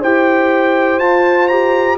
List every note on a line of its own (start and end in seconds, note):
0.00 0.98 E4
0.00 1.01 G4
0.00 1.97 C5
0.00 0.99 G5
0.98 1.97 F4
0.98 1.50 F4
0.98 1.47 A5
1.47 1.98 G4
1.47 1.97 A#5